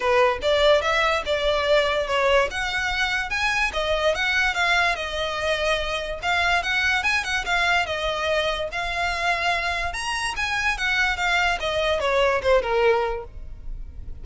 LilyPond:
\new Staff \with { instrumentName = "violin" } { \time 4/4 \tempo 4 = 145 b'4 d''4 e''4 d''4~ | d''4 cis''4 fis''2 | gis''4 dis''4 fis''4 f''4 | dis''2. f''4 |
fis''4 gis''8 fis''8 f''4 dis''4~ | dis''4 f''2. | ais''4 gis''4 fis''4 f''4 | dis''4 cis''4 c''8 ais'4. | }